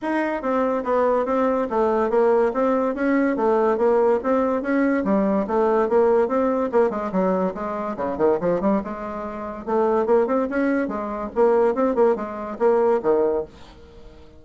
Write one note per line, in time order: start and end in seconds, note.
0.02 0.41 D#4
0.41 0.83 C4
0.84 1.25 B3
1.25 1.67 C4
1.69 2.10 A3
2.10 2.52 A#3
2.53 2.94 C4
2.94 3.36 C#4
3.36 3.77 A3
3.77 4.19 A#3
4.23 4.62 C4
4.62 5.04 C#4
5.04 5.46 G3
5.47 5.88 A3
5.88 6.27 A#3
6.27 6.69 C4
6.72 6.90 A#3
6.90 7.11 G#3
7.11 7.53 F#3
7.54 7.96 G#3
7.96 8.17 C#3
8.17 8.38 D#3
8.40 8.60 F3
8.60 8.81 G3
8.84 9.65 G#3
9.65 10.06 A3
10.06 10.26 A#3
10.26 10.47 C4
10.49 10.87 C#4
10.87 11.29 G#3
11.35 11.74 A#3
11.74 11.95 C4
11.95 12.15 A#3
12.15 12.57 G#3
12.58 13.00 A#3
13.02 13.44 D#3